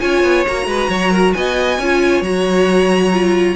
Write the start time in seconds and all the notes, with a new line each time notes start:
0.00 C#4 F4 C#5 G#5
0.23 B3
0.47 A#3 F#4 A#5
0.66 G#3 B4
0.90 F#3 C#5
1.11 A#4
1.34 B3 D#5 G#5
1.79 C#4 F4 C#5
2.22 F#3 F#4 A#5
3.13 F4